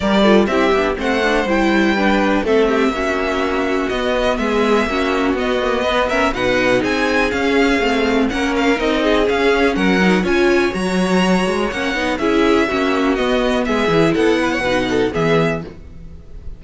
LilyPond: <<
  \new Staff \with { instrumentName = "violin" } { \time 4/4 \tempo 4 = 123 d''4 e''4 fis''4 g''4~ | g''4 e''2. | dis''4 e''2 dis''4~ | dis''8 e''8 fis''4 gis''4 f''4~ |
f''4 fis''8 f''8 dis''4 f''4 | fis''4 gis''4 ais''2 | fis''4 e''2 dis''4 | e''4 fis''2 e''4 | }
  \new Staff \with { instrumentName = "violin" } { \time 4/4 ais'8 a'8 g'4 c''2 | b'4 a'8 g'8 fis'2~ | fis'4 gis'4 fis'2 | b'8 ais'8 b'4 gis'2~ |
gis'4 ais'4. gis'4. | ais'4 cis''2.~ | cis''4 gis'4 fis'2 | gis'4 a'8 b'16 cis''16 b'8 a'8 gis'4 | }
  \new Staff \with { instrumentName = "viola" } { \time 4/4 g'8 f'8 e'8 d'8 c'8 d'8 e'4 | d'4 c'4 cis'2 | b2 cis'4 b8 ais8 | b8 cis'8 dis'2 cis'4 |
c'4 cis'4 dis'4 cis'4~ | cis'8 dis'8 f'4 fis'2 | cis'8 dis'8 e'4 cis'4 b4~ | b8 e'4. dis'4 b4 | }
  \new Staff \with { instrumentName = "cello" } { \time 4/4 g4 c'8 b8 a4 g4~ | g4 a4 ais2 | b4 gis4 ais4 b4~ | b4 b,4 c'4 cis'4 |
a4 ais4 c'4 cis'4 | fis4 cis'4 fis4. gis8 | ais8 b8 cis'4 ais4 b4 | gis8 e8 b4 b,4 e4 | }
>>